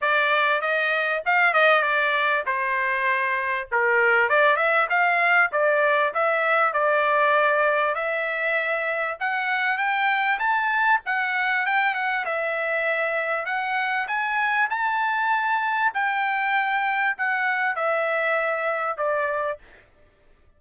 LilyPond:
\new Staff \with { instrumentName = "trumpet" } { \time 4/4 \tempo 4 = 98 d''4 dis''4 f''8 dis''8 d''4 | c''2 ais'4 d''8 e''8 | f''4 d''4 e''4 d''4~ | d''4 e''2 fis''4 |
g''4 a''4 fis''4 g''8 fis''8 | e''2 fis''4 gis''4 | a''2 g''2 | fis''4 e''2 d''4 | }